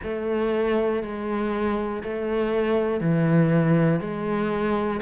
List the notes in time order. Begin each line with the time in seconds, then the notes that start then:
0.03 A3
1.03 G#3
2.03 A3
3.00 E3
4.00 G#3